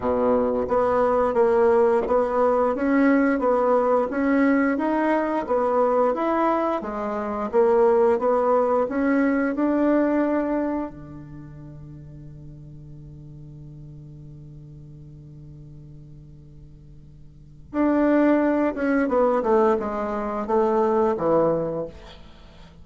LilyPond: \new Staff \with { instrumentName = "bassoon" } { \time 4/4 \tempo 4 = 88 b,4 b4 ais4 b4 | cis'4 b4 cis'4 dis'4 | b4 e'4 gis4 ais4 | b4 cis'4 d'2 |
d1~ | d1~ | d2 d'4. cis'8 | b8 a8 gis4 a4 e4 | }